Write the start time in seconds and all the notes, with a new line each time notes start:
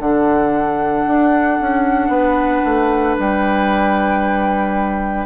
0.00 D3 D4 A4 F#5
1.07 D4
1.61 C#4
2.09 B3 B4
2.65 A3
3.19 G3 G5